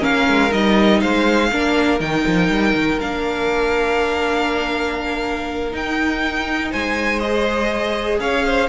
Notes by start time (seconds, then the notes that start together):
0.00 A#3 C#4 A#4 F5
0.28 G#3
0.51 G3 D#4 D#5
1.01 G#3 C5 F5
1.52 A#3 D4 A#4
2.00 D#3 D#4 G5
2.27 F3
2.50 G3
2.75 D#3
3.00 A#3 D4 F5
5.72 D#4 G5
6.71 G#3 C5 G#5
7.20 G#4 D#5
8.20 C#4 C#5 F5
8.46 C5